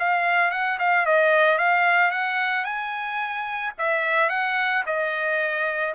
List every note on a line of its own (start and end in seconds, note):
0.00 0.52 F5
0.52 0.79 F#5
0.79 1.06 F5
1.06 1.59 D#5
1.59 2.12 F5
2.12 2.65 F#5
2.65 3.73 G#5
3.79 4.30 E5
4.30 4.84 F#5
4.87 5.95 D#5